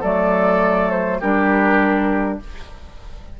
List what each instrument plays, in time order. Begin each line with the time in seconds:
0.00 bassoon F#3, clarinet A3, oboe A4, flute D5
0.91 flute C5
1.20 bassoon G3, clarinet D4, oboe G4, flute A#4